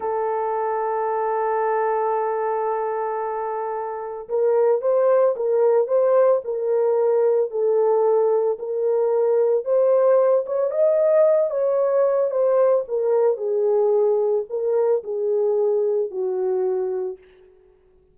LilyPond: \new Staff \with { instrumentName = "horn" } { \time 4/4 \tempo 4 = 112 a'1~ | a'1 | ais'4 c''4 ais'4 c''4 | ais'2 a'2 |
ais'2 c''4. cis''8 | dis''4. cis''4. c''4 | ais'4 gis'2 ais'4 | gis'2 fis'2 | }